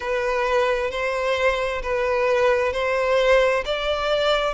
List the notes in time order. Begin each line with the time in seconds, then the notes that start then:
0.00 B4
0.90 C5
1.82 B4
2.73 C5
3.65 D5